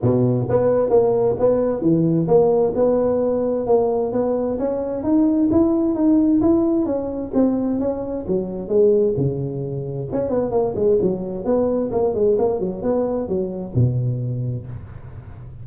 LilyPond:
\new Staff \with { instrumentName = "tuba" } { \time 4/4 \tempo 4 = 131 b,4 b4 ais4 b4 | e4 ais4 b2 | ais4 b4 cis'4 dis'4 | e'4 dis'4 e'4 cis'4 |
c'4 cis'4 fis4 gis4 | cis2 cis'8 b8 ais8 gis8 | fis4 b4 ais8 gis8 ais8 fis8 | b4 fis4 b,2 | }